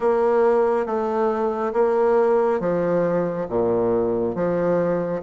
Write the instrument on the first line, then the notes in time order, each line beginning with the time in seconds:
bassoon
0.00 A#3
0.85 A3
1.73 A#3
2.60 F3
3.49 A#2
4.35 F3